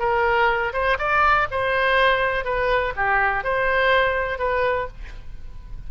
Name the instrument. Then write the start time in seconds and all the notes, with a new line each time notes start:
oboe
0.00 A#4
0.74 C5
0.99 D5
1.52 C5
2.45 B4
2.97 G4
3.45 C5
4.39 B4